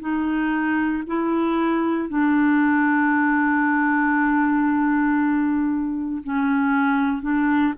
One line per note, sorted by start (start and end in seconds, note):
0.00 1.03 D#4
1.07 2.09 E4
2.09 6.23 D4
6.23 7.22 C#4
7.22 7.74 D4